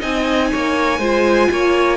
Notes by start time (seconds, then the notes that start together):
0.00 C4 D#4 D#5 G#5
0.52 A#3 C#5
0.99 G#3 F4 C5
1.51 A#3 C#5